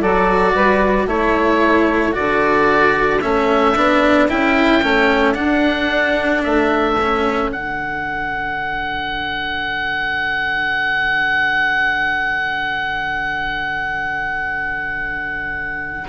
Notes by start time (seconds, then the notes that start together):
0.00 F#3 F#4 A4 D5
0.55 G3 B4
1.07 A3 E4 A4 C#5
2.13 D3 F#4 D5
3.21 A3 C#4 E5
3.76 B3 D4
4.29 C#4 E4 G5
4.83 A3 C#4
5.35 D4 F#5
6.44 A3 E5
7.01 C#4
7.51 D3 D4 F#5